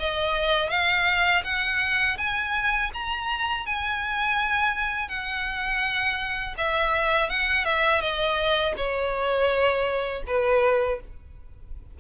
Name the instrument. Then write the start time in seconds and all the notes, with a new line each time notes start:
violin
0.00 D#5
0.70 F5
1.44 F#5
2.18 G#5
2.94 A#5
3.67 G#5
5.09 F#5
6.58 E5
7.30 F#5
7.65 E5
8.02 D#5
8.77 C#5
10.27 B4